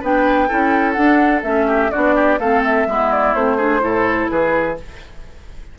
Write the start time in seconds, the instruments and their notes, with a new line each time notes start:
0.00 bassoon B3, clarinet D4, oboe B4, flute G5
0.48 bassoon C#4, clarinet E4, oboe A4
0.92 clarinet D4, bassoon D4, flute F#5
1.43 bassoon A3, clarinet C#4, flute E5
1.67 oboe G4
1.91 bassoon B3, clarinet D4, oboe F#4, flute D5
2.15 oboe G4
2.39 bassoon A3, clarinet C4, oboe A4, flute F5
2.64 flute E5
2.86 bassoon G#3, clarinet B3, oboe E4
3.12 flute D5
3.34 bassoon A3, clarinet C4, flute C5
3.57 clarinet D4, oboe G#4
3.80 bassoon A2, clarinet E4, oboe A4
4.29 bassoon E3, oboe G#4, flute B4